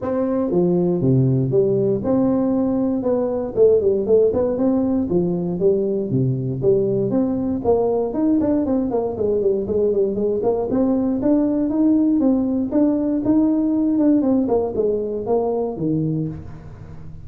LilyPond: \new Staff \with { instrumentName = "tuba" } { \time 4/4 \tempo 4 = 118 c'4 f4 c4 g4 | c'2 b4 a8 g8 | a8 b8 c'4 f4 g4 | c4 g4 c'4 ais4 |
dis'8 d'8 c'8 ais8 gis8 g8 gis8 g8 | gis8 ais8 c'4 d'4 dis'4 | c'4 d'4 dis'4. d'8 | c'8 ais8 gis4 ais4 dis4 | }